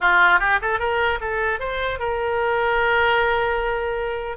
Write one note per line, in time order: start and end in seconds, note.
0.01 0.39 F4
0.39 0.59 G4
0.61 0.79 A4
0.79 1.19 A#4
1.20 1.59 A4
1.59 1.99 C5
1.99 4.37 A#4